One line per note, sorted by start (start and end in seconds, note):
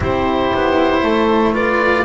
0.00 0.52 C4
0.00 1.53 E4
0.00 1.03 G4
0.00 1.54 C5
0.53 1.02 B3
1.02 2.04 A3
1.02 1.53 A4
1.53 2.04 F4
1.53 2.04 B4
1.53 2.04 D5